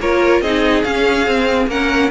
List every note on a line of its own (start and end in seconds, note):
0.00 0.41 A#3
0.00 0.44 F4
0.00 0.43 A#4
0.00 0.41 C#5
0.41 0.84 C4
0.41 0.84 D#4
0.41 1.70 G#4
0.41 0.83 D#5
0.83 1.26 C#4
0.83 1.27 C#4
0.83 1.68 F5
1.26 1.69 C4
1.26 1.67 C4
1.67 2.10 A#3
1.67 2.11 C#4
1.67 2.11 A#4
1.67 2.11 F#5